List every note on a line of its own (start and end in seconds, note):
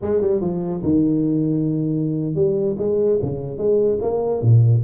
0.01 0.21 G#3
0.21 0.41 G3
0.41 0.82 F3
0.83 2.35 D#3
2.35 2.76 G3
2.78 3.19 G#3
3.22 3.57 C#3
3.57 3.98 G#3
4.01 4.41 A#3
4.41 4.82 A#2